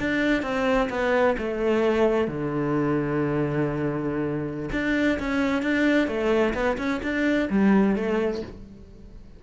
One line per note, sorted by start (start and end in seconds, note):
0.00 0.43 D4
0.43 0.89 C4
0.90 1.36 B3
1.38 2.28 A3
2.28 4.70 D3
4.72 5.18 D4
5.19 5.63 C#4
5.63 6.08 D4
6.08 6.54 A3
6.54 6.77 B3
6.78 7.01 C#4
7.03 7.49 D4
7.50 7.96 G3
7.96 8.42 A3